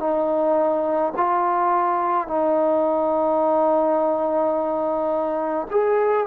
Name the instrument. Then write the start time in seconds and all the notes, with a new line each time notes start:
trombone
0.00 D#4
1.17 F4
2.28 D#4
5.71 G#4